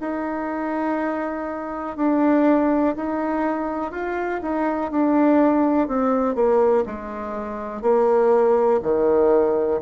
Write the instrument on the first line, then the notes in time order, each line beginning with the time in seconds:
bassoon
0.00 D#4
1.96 D4
2.96 D#4
3.91 F4
4.42 D#4
4.91 D4
5.87 C4
6.35 A#3
6.86 G#3
7.82 A#3
8.83 D#3